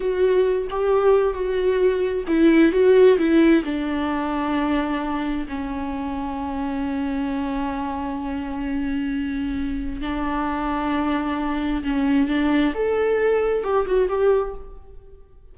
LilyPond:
\new Staff \with { instrumentName = "viola" } { \time 4/4 \tempo 4 = 132 fis'4. g'4. fis'4~ | fis'4 e'4 fis'4 e'4 | d'1 | cis'1~ |
cis'1~ | cis'2 d'2~ | d'2 cis'4 d'4 | a'2 g'8 fis'8 g'4 | }